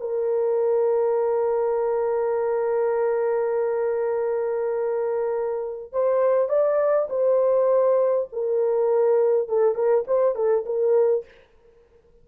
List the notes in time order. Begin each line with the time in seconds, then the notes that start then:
0.00 A#4
5.92 C5
6.49 D5
7.10 C5
8.32 A#4
9.49 A4
9.75 A#4
10.07 C5
10.35 A4
10.66 A#4